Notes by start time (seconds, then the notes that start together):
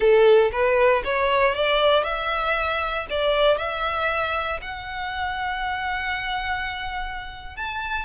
0.00 A4
0.51 B4
1.04 C#5
1.54 D5
2.03 E5
3.10 D5
3.57 E5
4.61 F#5
7.56 A5